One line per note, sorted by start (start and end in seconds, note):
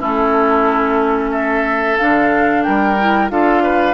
0.00 2.00 A3
0.00 1.98 C#4
0.00 1.31 E4
0.00 1.31 A4
1.31 2.63 A4
1.31 1.97 E5
1.98 2.67 D3
1.98 2.98 D4
1.98 2.63 F5
2.63 3.30 G3
2.63 3.32 A#4
2.63 3.29 G5
2.99 3.30 E4
3.30 3.94 D4
3.30 3.94 F4
3.30 3.63 A4
3.30 3.94 F5
3.63 3.94 B4